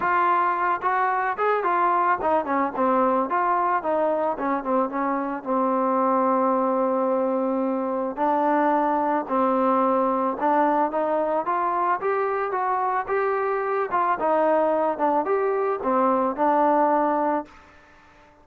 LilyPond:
\new Staff \with { instrumentName = "trombone" } { \time 4/4 \tempo 4 = 110 f'4. fis'4 gis'8 f'4 | dis'8 cis'8 c'4 f'4 dis'4 | cis'8 c'8 cis'4 c'2~ | c'2. d'4~ |
d'4 c'2 d'4 | dis'4 f'4 g'4 fis'4 | g'4. f'8 dis'4. d'8 | g'4 c'4 d'2 | }